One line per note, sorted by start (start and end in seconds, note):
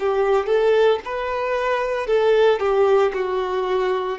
0.00 0.47 G4
0.47 1.00 A4
1.05 2.07 B4
2.07 2.60 A4
2.60 3.12 G4
3.14 4.19 F#4